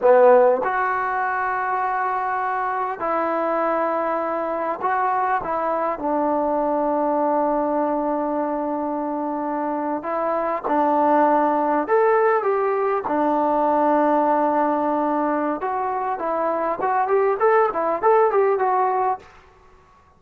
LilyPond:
\new Staff \with { instrumentName = "trombone" } { \time 4/4 \tempo 4 = 100 b4 fis'2.~ | fis'4 e'2. | fis'4 e'4 d'2~ | d'1~ |
d'8. e'4 d'2 a'16~ | a'8. g'4 d'2~ d'16~ | d'2 fis'4 e'4 | fis'8 g'8 a'8 e'8 a'8 g'8 fis'4 | }